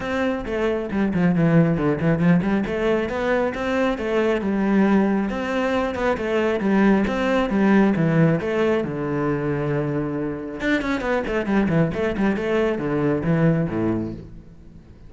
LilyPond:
\new Staff \with { instrumentName = "cello" } { \time 4/4 \tempo 4 = 136 c'4 a4 g8 f8 e4 | d8 e8 f8 g8 a4 b4 | c'4 a4 g2 | c'4. b8 a4 g4 |
c'4 g4 e4 a4 | d1 | d'8 cis'8 b8 a8 g8 e8 a8 g8 | a4 d4 e4 a,4 | }